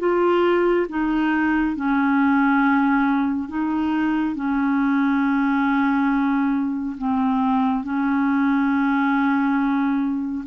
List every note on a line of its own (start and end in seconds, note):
0.00 0.87 F4
0.89 1.76 D#4
1.76 3.49 C#4
3.49 4.36 D#4
4.36 6.96 C#4
6.98 7.84 C4
7.84 10.45 C#4